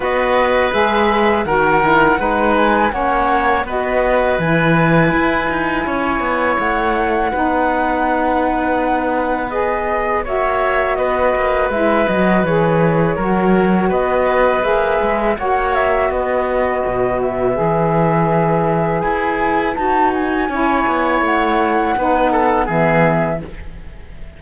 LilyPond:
<<
  \new Staff \with { instrumentName = "flute" } { \time 4/4 \tempo 4 = 82 dis''4 e''4 fis''4. gis''8 | fis''4 dis''4 gis''2~ | gis''4 fis''2.~ | fis''4 dis''4 e''4 dis''4 |
e''8 dis''8 cis''2 dis''4 | e''4 fis''8 e''8 dis''4. e''8~ | e''2 gis''4 a''8 gis''8~ | gis''4 fis''2 e''4 | }
  \new Staff \with { instrumentName = "oboe" } { \time 4/4 b'2 ais'4 b'4 | cis''4 b'2. | cis''2 b'2~ | b'2 cis''4 b'4~ |
b'2 ais'4 b'4~ | b'4 cis''4 b'2~ | b'1 | cis''2 b'8 a'8 gis'4 | }
  \new Staff \with { instrumentName = "saxophone" } { \time 4/4 fis'4 gis'4 fis'8 e'8 dis'4 | cis'4 fis'4 e'2~ | e'2 dis'2~ | dis'4 gis'4 fis'2 |
e'8 fis'8 gis'4 fis'2 | gis'4 fis'2. | gis'2. fis'4 | e'2 dis'4 b4 | }
  \new Staff \with { instrumentName = "cello" } { \time 4/4 b4 gis4 dis4 gis4 | ais4 b4 e4 e'8 dis'8 | cis'8 b8 a4 b2~ | b2 ais4 b8 ais8 |
gis8 fis8 e4 fis4 b4 | ais8 gis8 ais4 b4 b,4 | e2 e'4 dis'4 | cis'8 b8 a4 b4 e4 | }
>>